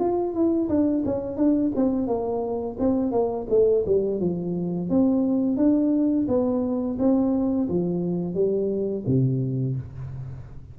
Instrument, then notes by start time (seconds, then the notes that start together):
tuba
0.00 F4
0.34 E4
0.69 D4
1.05 C#4
1.37 D4
1.76 C4
2.07 A#3
2.80 C4
3.12 A#3
3.50 A3
3.86 G3
4.21 F3
4.90 C4
5.57 D4
6.28 B3
6.99 C4
7.69 F3
8.35 G3
9.07 C3